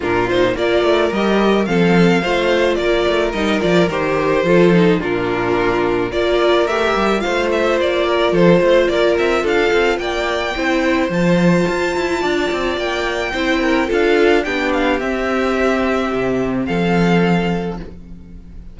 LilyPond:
<<
  \new Staff \with { instrumentName = "violin" } { \time 4/4 \tempo 4 = 108 ais'8 c''8 d''4 dis''4 f''4~ | f''4 d''4 dis''8 d''8 c''4~ | c''4 ais'2 d''4 | e''4 f''8 e''8 d''4 c''4 |
d''8 e''8 f''4 g''2 | a''2. g''4~ | g''4 f''4 g''8 f''8 e''4~ | e''2 f''2 | }
  \new Staff \with { instrumentName = "violin" } { \time 4/4 f'4 ais'2 a'4 | c''4 ais'2. | a'4 f'2 ais'4~ | ais'4 c''4. ais'8 a'8 c''8 |
ais'4 a'4 d''4 c''4~ | c''2 d''2 | c''8 ais'8 a'4 g'2~ | g'2 a'2 | }
  \new Staff \with { instrumentName = "viola" } { \time 4/4 d'8 dis'8 f'4 g'4 c'4 | f'2 dis'8 f'8 g'4 | f'8 dis'8 d'2 f'4 | g'4 f'2.~ |
f'2. e'4 | f'1 | e'4 f'4 d'4 c'4~ | c'1 | }
  \new Staff \with { instrumentName = "cello" } { \time 4/4 ais,4 ais8 a8 g4 f4 | a4 ais8 a8 g8 f8 dis4 | f4 ais,2 ais4 | a8 g8 a4 ais4 f8 a8 |
ais8 c'8 d'8 c'8 ais4 c'4 | f4 f'8 e'8 d'8 c'8 ais4 | c'4 d'4 b4 c'4~ | c'4 c4 f2 | }
>>